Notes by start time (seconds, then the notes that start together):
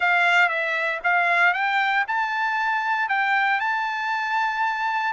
0.00 F5
0.48 E5
1.03 F5
1.53 G5
2.07 A5
3.08 G5
3.59 A5